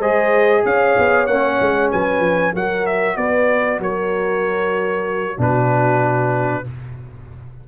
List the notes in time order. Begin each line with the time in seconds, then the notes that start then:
0.00 G#3 G#4 C5 D#5
0.66 C#4 C#5 F5
0.99 B3
1.27 A#3 C#4 F#5
1.61 G#3
1.92 F#3 B4 G#5
2.20 F3
2.54 F#3 F#4 A#4 F#5
2.87 E5
3.17 B3 B4 D5
3.80 F#3 A#4 C#5
5.38 B2 D4 F#4 B4